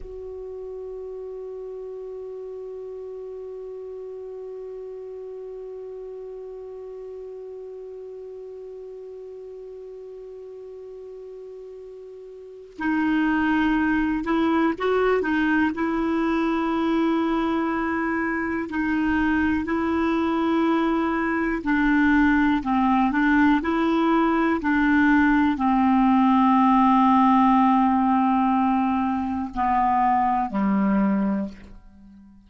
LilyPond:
\new Staff \with { instrumentName = "clarinet" } { \time 4/4 \tempo 4 = 61 fis'1~ | fis'1~ | fis'1~ | fis'4 dis'4. e'8 fis'8 dis'8 |
e'2. dis'4 | e'2 d'4 c'8 d'8 | e'4 d'4 c'2~ | c'2 b4 g4 | }